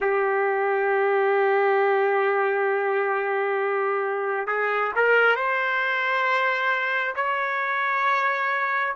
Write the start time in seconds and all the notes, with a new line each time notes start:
0.00 G4
4.47 G#4
4.95 A#4
5.35 C5
7.15 C#5